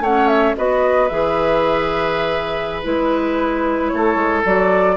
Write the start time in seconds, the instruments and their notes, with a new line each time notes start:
0.00 bassoon A3, clarinet C#4, oboe C#5, flute F#5
0.28 flute E5
0.57 bassoon B3, clarinet F#4, oboe B4, flute D#5
1.08 bassoon E3, clarinet G#4, flute E5
2.83 bassoon G#3, clarinet E4, flute B4
3.88 bassoon A3, oboe A4, flute C#5
4.16 bassoon G#3
4.45 bassoon F#3, clarinet F#4, flute D5